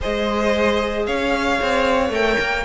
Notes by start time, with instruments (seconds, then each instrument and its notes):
0.00 cello G#3, viola G#4, violin C5 D#5
1.06 cello C#4, violin C#5 F5
1.61 cello C4
2.09 cello A3, viola A#4, violin G5
2.40 cello A#3